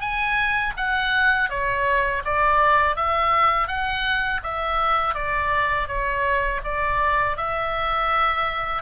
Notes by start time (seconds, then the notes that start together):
0.00 G#5
0.77 F#5
1.50 C#5
2.25 D5
2.96 E5
3.68 F#5
4.43 E5
5.15 D5
5.87 C#5
6.64 D5
7.37 E5